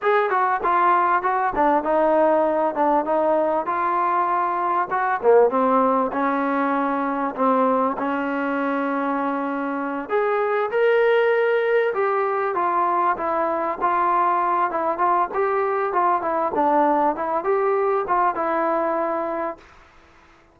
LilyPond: \new Staff \with { instrumentName = "trombone" } { \time 4/4 \tempo 4 = 98 gis'8 fis'8 f'4 fis'8 d'8 dis'4~ | dis'8 d'8 dis'4 f'2 | fis'8 ais8 c'4 cis'2 | c'4 cis'2.~ |
cis'8 gis'4 ais'2 g'8~ | g'8 f'4 e'4 f'4. | e'8 f'8 g'4 f'8 e'8 d'4 | e'8 g'4 f'8 e'2 | }